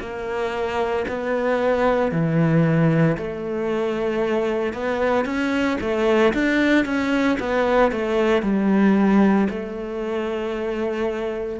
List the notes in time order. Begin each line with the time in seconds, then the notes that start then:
0.00 A#3
1.08 B3
2.11 E3
3.17 A3
4.73 B3
5.25 C#4
5.80 A3
6.33 D4
6.85 C#4
7.39 B3
7.91 A3
8.43 G3
9.49 A3